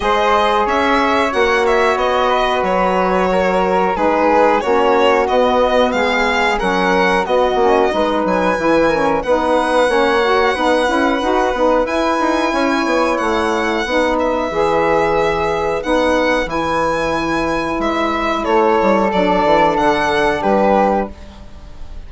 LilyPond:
<<
  \new Staff \with { instrumentName = "violin" } { \time 4/4 \tempo 4 = 91 dis''4 e''4 fis''8 e''8 dis''4 | cis''2 b'4 cis''4 | dis''4 f''4 fis''4 dis''4~ | dis''8 gis''4. fis''2~ |
fis''2 gis''2 | fis''4. e''2~ e''8 | fis''4 gis''2 e''4 | cis''4 d''4 fis''4 b'4 | }
  \new Staff \with { instrumentName = "flute" } { \time 4/4 c''4 cis''2~ cis''8 b'8~ | b'4 ais'4 gis'4 fis'4~ | fis'4 gis'4 ais'4 fis'4 | b'4. ais'8 b'4 cis''4 |
b'2. cis''4~ | cis''4 b'2.~ | b'1 | a'2. g'4 | }
  \new Staff \with { instrumentName = "saxophone" } { \time 4/4 gis'2 fis'2~ | fis'2 dis'4 cis'4 | b2 cis'4 b8 cis'8 | dis'4 e'8 cis'8 dis'4 cis'8 fis'8 |
dis'8 e'8 fis'8 dis'8 e'2~ | e'4 dis'4 gis'2 | dis'4 e'2.~ | e'4 d'2. | }
  \new Staff \with { instrumentName = "bassoon" } { \time 4/4 gis4 cis'4 ais4 b4 | fis2 gis4 ais4 | b4 gis4 fis4 b8 ais8 | gis8 fis8 e4 b4 ais4 |
b8 cis'8 dis'8 b8 e'8 dis'8 cis'8 b8 | a4 b4 e2 | b4 e2 gis4 | a8 g8 fis8 e8 d4 g4 | }
>>